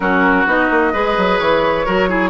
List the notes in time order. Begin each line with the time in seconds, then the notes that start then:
0.00 F#3 C#4 F#4 A#4
0.46 B3 D#4 D#5
0.70 A#3
0.92 G#3 G#4 B4
1.17 F#3
1.39 E3 C#5
1.85 F#3 F#4 A#4
2.08 E4 G#4